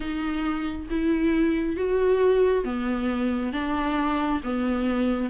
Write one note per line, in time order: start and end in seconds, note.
0.00 0.87 D#4
0.90 1.76 E4
1.76 2.64 F#4
2.64 3.53 B3
3.53 4.41 D4
4.43 5.29 B3